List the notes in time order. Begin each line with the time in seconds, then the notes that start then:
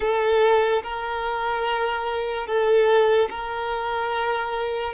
0.00 A4
0.82 A#4
2.47 A4
3.30 A#4